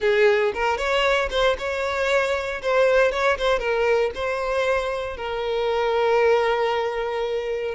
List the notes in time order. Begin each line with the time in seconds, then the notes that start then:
0.00 G#4
0.53 A#4
0.77 C#5
1.30 C5
1.58 C#5
2.62 C5
3.11 C#5
3.37 C5
3.59 A#4
4.14 C5
5.16 A#4